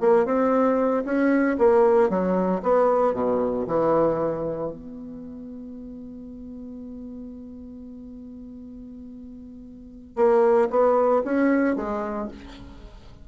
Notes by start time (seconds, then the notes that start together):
0.00 A#3
0.26 C4
1.05 C#4
1.58 A#3
2.09 F#3
2.63 B3
3.14 B2
3.67 E3
4.71 B3
10.16 A#3
10.70 B3
11.25 C#4
11.76 G#3